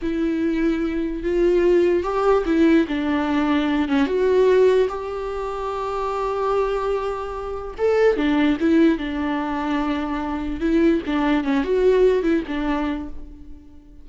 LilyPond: \new Staff \with { instrumentName = "viola" } { \time 4/4 \tempo 4 = 147 e'2. f'4~ | f'4 g'4 e'4 d'4~ | d'4. cis'8 fis'2 | g'1~ |
g'2. a'4 | d'4 e'4 d'2~ | d'2 e'4 d'4 | cis'8 fis'4. e'8 d'4. | }